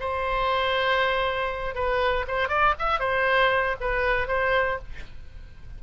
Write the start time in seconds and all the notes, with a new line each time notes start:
0.00 C5
1.74 B4
2.27 C5
2.48 D5
2.79 E5
3.00 C5
3.80 B4
4.27 C5